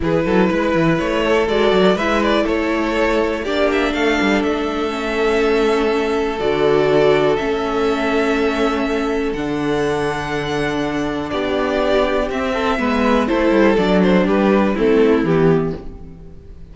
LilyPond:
<<
  \new Staff \with { instrumentName = "violin" } { \time 4/4 \tempo 4 = 122 b'2 cis''4 d''4 | e''8 d''8 cis''2 d''8 e''8 | f''4 e''2.~ | e''4 d''2 e''4~ |
e''2. fis''4~ | fis''2. d''4~ | d''4 e''2 c''4 | d''8 c''8 b'4 a'4 g'4 | }
  \new Staff \with { instrumentName = "violin" } { \time 4/4 gis'8 a'8 b'4. a'4. | b'4 a'2 g'4 | a'1~ | a'1~ |
a'1~ | a'2. g'4~ | g'4. a'8 b'4 a'4~ | a'4 g'4 e'2 | }
  \new Staff \with { instrumentName = "viola" } { \time 4/4 e'2. fis'4 | e'2. d'4~ | d'2 cis'2~ | cis'4 fis'2 cis'4~ |
cis'2. d'4~ | d'1~ | d'4 c'4 b4 e'4 | d'2 c'4 b4 | }
  \new Staff \with { instrumentName = "cello" } { \time 4/4 e8 fis8 gis8 e8 a4 gis8 fis8 | gis4 a2 ais4 | a8 g8 a2.~ | a4 d2 a4~ |
a2. d4~ | d2. b4~ | b4 c'4 gis4 a8 g8 | fis4 g4 a4 e4 | }
>>